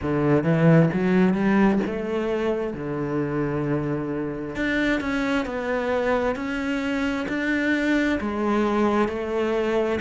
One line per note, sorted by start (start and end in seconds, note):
0.02 0.43 D3
0.43 0.88 E3
0.93 1.33 F#3
1.33 1.79 G3
1.86 2.73 A3
2.73 4.55 D3
4.55 5.00 D4
5.00 5.45 C#4
5.45 6.35 B3
6.35 7.26 C#4
7.28 8.19 D4
8.20 9.08 G#3
9.08 9.99 A3